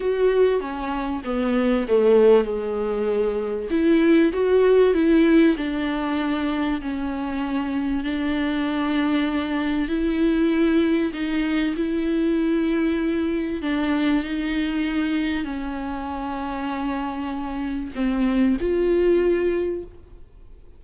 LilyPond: \new Staff \with { instrumentName = "viola" } { \time 4/4 \tempo 4 = 97 fis'4 cis'4 b4 a4 | gis2 e'4 fis'4 | e'4 d'2 cis'4~ | cis'4 d'2. |
e'2 dis'4 e'4~ | e'2 d'4 dis'4~ | dis'4 cis'2.~ | cis'4 c'4 f'2 | }